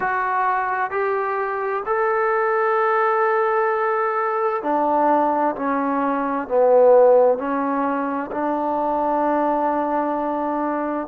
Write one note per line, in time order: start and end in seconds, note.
0.00 0.90 F#4
0.90 1.83 G4
1.86 4.62 A4
4.62 5.55 D4
5.55 6.47 C#4
6.48 7.38 B3
7.38 8.30 C#4
8.31 11.07 D4